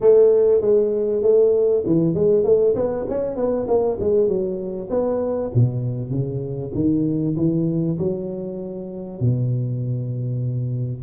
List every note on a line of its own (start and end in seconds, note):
0.01 0.61 A3
0.61 1.22 G#3
1.22 1.83 A3
1.86 2.14 E3
2.14 2.44 G#3
2.44 2.74 A3
2.75 3.06 B3
3.08 3.35 C#4
3.35 3.66 B3
3.67 3.98 A#3
4.00 4.28 G#3
4.28 4.89 F#3
4.90 5.51 B3
5.54 6.10 B2
6.10 6.72 C#3
6.74 7.35 D#3
7.36 7.97 E3
7.98 9.20 F#3
9.20 11.02 B2